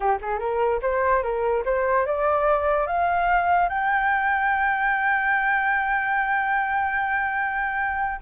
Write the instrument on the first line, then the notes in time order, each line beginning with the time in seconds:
flute
0.00 G4
0.21 G#4
0.39 A#4
0.81 C5
1.22 A#4
1.65 C5
2.05 D5
2.87 F5
3.68 G5